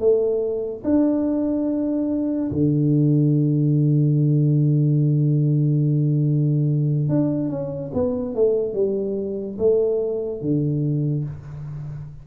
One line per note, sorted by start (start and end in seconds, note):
0.00 0.83 A3
0.84 2.51 D4
2.52 7.09 D3
7.09 7.50 D4
7.50 7.91 C#4
7.94 8.35 B3
8.35 8.74 A3
8.74 9.57 G3
9.59 10.42 A3
10.42 11.25 D3